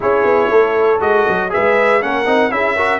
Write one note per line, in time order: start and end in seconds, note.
0.00 0.24 C#4
0.00 0.99 E4
0.00 0.50 G#4
0.00 1.01 C#5
0.24 0.49 B3
0.50 1.00 A3
0.50 1.51 A4
0.99 1.26 G#3
0.99 1.49 F#4
0.99 1.51 D#5
1.28 1.53 F#3
1.49 2.00 G#4
1.49 2.01 B4
1.49 2.02 E5
1.56 2.01 G#3
2.01 2.26 A#3
2.01 2.25 C#4
2.01 2.52 A#4
2.01 2.51 F#5
2.25 2.50 C4
2.25 2.50 D#4
2.50 2.99 C#4
2.50 2.76 E4
2.50 2.76 G#4
2.50 2.99 E5
2.76 2.99 F#4
2.76 2.99 A#4